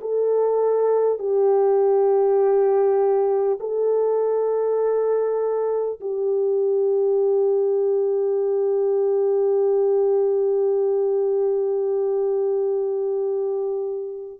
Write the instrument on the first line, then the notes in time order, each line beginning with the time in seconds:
horn
0.00 A4
1.18 G4
3.60 A4
6.00 G4